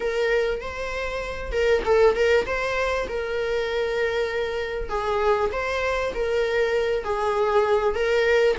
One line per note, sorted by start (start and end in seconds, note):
0.00 0.60 A#4
0.60 1.51 C5
1.51 1.82 A#4
1.85 2.15 A4
2.15 2.45 A#4
2.45 3.07 C5
3.08 4.89 A#4
4.89 5.50 G#4
5.52 6.13 C5
6.14 7.04 A#4
7.04 7.94 G#4
7.94 8.55 A#4